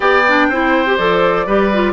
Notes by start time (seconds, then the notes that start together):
0.00 B3 G4 D5 G5
0.28 D4
0.48 C4 E4 C5
0.86 G4
0.97 F3 A4 D5
1.46 G3 G4 B4
1.73 F4